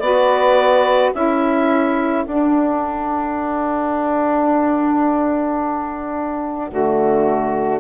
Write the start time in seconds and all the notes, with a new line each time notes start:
0.00 B3 F#4 B4 D5
1.14 C#4 E4 A4 E5
2.25 D4 F#5
6.69 D3 A3 F#4